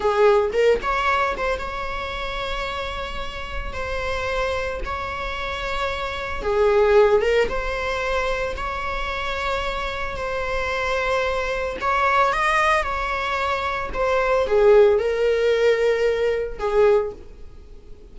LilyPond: \new Staff \with { instrumentName = "viola" } { \time 4/4 \tempo 4 = 112 gis'4 ais'8 cis''4 c''8 cis''4~ | cis''2. c''4~ | c''4 cis''2. | gis'4. ais'8 c''2 |
cis''2. c''4~ | c''2 cis''4 dis''4 | cis''2 c''4 gis'4 | ais'2. gis'4 | }